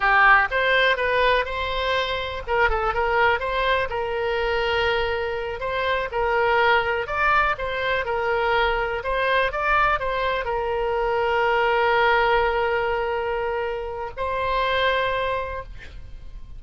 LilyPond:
\new Staff \with { instrumentName = "oboe" } { \time 4/4 \tempo 4 = 123 g'4 c''4 b'4 c''4~ | c''4 ais'8 a'8 ais'4 c''4 | ais'2.~ ais'8 c''8~ | c''8 ais'2 d''4 c''8~ |
c''8 ais'2 c''4 d''8~ | d''8 c''4 ais'2~ ais'8~ | ais'1~ | ais'4 c''2. | }